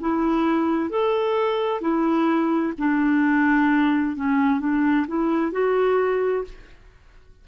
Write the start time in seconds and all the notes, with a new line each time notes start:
0.00 E4
0.90 A4
1.81 E4
2.78 D4
4.16 C#4
4.60 D4
5.08 E4
5.52 F#4